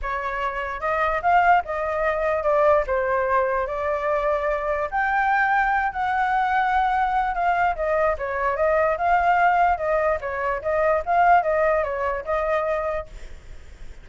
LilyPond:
\new Staff \with { instrumentName = "flute" } { \time 4/4 \tempo 4 = 147 cis''2 dis''4 f''4 | dis''2 d''4 c''4~ | c''4 d''2. | g''2~ g''8 fis''4.~ |
fis''2 f''4 dis''4 | cis''4 dis''4 f''2 | dis''4 cis''4 dis''4 f''4 | dis''4 cis''4 dis''2 | }